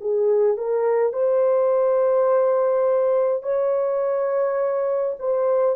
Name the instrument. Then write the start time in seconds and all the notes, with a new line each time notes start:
horn
0.00 G#4
0.57 A#4
1.12 C5
3.42 C#5
5.19 C5